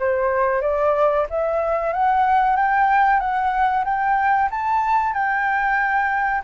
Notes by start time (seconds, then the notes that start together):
0.00 C5
0.62 D5
1.30 E5
1.93 F#5
2.57 G5
3.20 F#5
3.85 G5
4.51 A5
5.14 G5